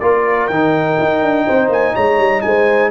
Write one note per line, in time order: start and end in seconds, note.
0.00 0.50 A#3
0.00 0.51 F4
0.00 1.46 A#4
0.00 0.48 D5
0.48 0.98 D#3
0.48 2.91 D#4
0.48 1.70 G5
0.99 1.23 D#4
1.23 1.47 D4
1.46 1.69 C4
1.46 1.95 C5
1.69 1.93 A#3
1.69 1.96 G#5
1.95 2.18 G#3
1.95 2.43 C#5
1.95 2.42 A#5
2.18 2.42 G3
2.42 2.91 G#3
2.42 2.91 C5
2.42 2.90 G#5